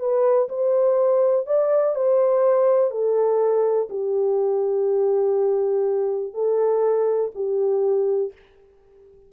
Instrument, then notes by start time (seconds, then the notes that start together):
horn
0.00 B4
0.49 C5
1.47 D5
1.96 C5
2.91 A4
3.90 G4
6.34 A4
7.35 G4